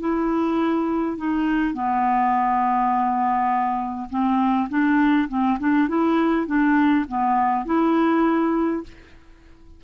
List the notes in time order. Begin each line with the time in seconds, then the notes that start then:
0.00 E4
1.18 D#4
1.74 B3
4.10 C4
4.70 D4
5.29 C4
5.60 D4
5.89 E4
6.47 D4
7.09 B3
7.66 E4